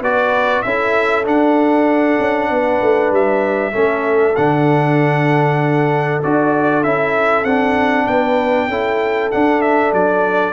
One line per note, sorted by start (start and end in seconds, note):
0.00 0.62 B3
0.00 0.65 F#4
0.00 0.65 B4
0.00 0.62 D5
0.62 1.25 C#4
0.62 1.25 E4
0.62 2.51 A4
0.62 1.24 E5
1.25 2.17 D4
1.25 3.72 D4
1.25 3.13 F#5
2.19 2.50 C#4
2.50 2.81 B3
2.50 3.73 B4
2.81 3.11 A3
3.11 3.73 G3
3.11 4.36 E5
3.72 4.36 A3
3.72 4.34 C#4
3.72 8.06 A4
4.36 6.23 D3
4.36 6.23 D4
4.36 6.21 F#5
6.22 6.84 D4
6.22 6.84 F#4
6.22 6.83 D5
6.83 7.44 C#4
6.83 7.46 E4
6.83 7.44 E5
7.44 8.06 C4
7.44 8.70 D4
7.44 8.06 F#5
8.06 8.68 B3
8.06 8.69 B4
8.06 9.30 G5
8.68 9.30 C#4
8.68 9.31 E4
8.68 10.53 A4
9.31 10.53 D4
9.31 9.93 D4
9.31 9.61 F#5
9.61 9.92 E5
9.93 10.53 F#3
9.93 10.53 D5